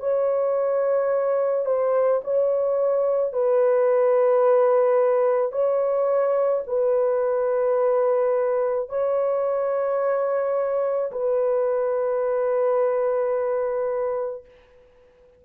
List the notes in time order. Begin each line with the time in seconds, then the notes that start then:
0.00 C#5
1.66 C5
2.24 C#5
3.33 B4
5.53 C#5
6.67 B4
8.89 C#5
11.12 B4